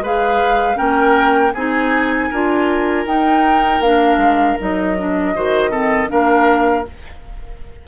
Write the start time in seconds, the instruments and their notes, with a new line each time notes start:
0.00 bassoon G#3, clarinet G#4, oboe B4, flute F5
0.75 bassoon A#3, clarinet C#4, oboe A#4, flute G5
1.54 bassoon C4, clarinet D#4, oboe G#4, flute G#5
2.31 bassoon D4, clarinet F4, oboe A#4
3.06 bassoon D#4, clarinet D#4, flute G5
3.80 bassoon A#3, clarinet D4, flute F5
4.17 bassoon G#3
4.59 bassoon F#3, clarinet D#4, flute D#5
4.98 clarinet D4
5.35 bassoon D#3, clarinet F#4, oboe C5
5.70 clarinet C4, oboe A4
6.08 bassoon A#3, clarinet D4, oboe A#4, flute F5